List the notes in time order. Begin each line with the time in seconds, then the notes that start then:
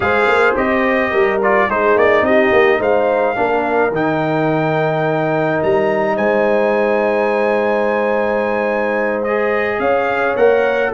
0.00 G#3 G#4 C5 F5
0.27 A#3
0.56 C4 G4 D#5
1.10 G3 A#4
1.42 F4 D5
1.67 G#3 D#4 G#4 C5
1.96 A#3 D5
2.22 C4 G4 D#5
2.52 A#3
2.79 G#3 C5 F5
3.35 A#3 D4 A#4
3.91 D#3 D#4 G5
5.62 G3 A#5
6.15 G#3 C5 G#5
9.23 G#4 D#5
9.79 C#4 C#5 F5
10.36 A#3 A#4 F#5